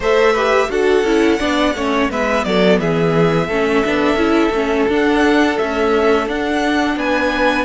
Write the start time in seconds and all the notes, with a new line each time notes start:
0.00 A3 A4 C5 E5
0.33 G4 B4
0.69 D4 F#4 A4 F#5
1.03 C#4 E4
1.38 B3 D4 D5
1.74 A3 C#4 C#5
2.10 G#3 B3 B4 E5
2.44 F#3 A4 D5
2.79 E3 G#4 E5
3.47 A3 C#4 A4
3.84 B3 D4
4.14 C#4 E4
4.51 A3 C#4
4.88 D4 F#5
5.58 A3 C#4 E5
6.27 D4 F#5
6.96 B3 B4 G#5